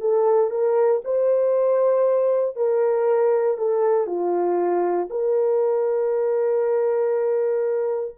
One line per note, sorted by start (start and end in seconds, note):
0.00 0.50 A4
0.50 1.01 A#4
1.04 2.56 C5
2.56 3.57 A#4
3.57 4.06 A4
4.06 5.08 F4
5.10 8.15 A#4